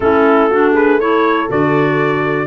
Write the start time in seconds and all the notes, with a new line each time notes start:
0.00 A3 C#4 E4 A4
0.50 D4 F#4
0.73 G#4 B4
0.98 E4 A4 C#5
1.48 D3 F#4 D5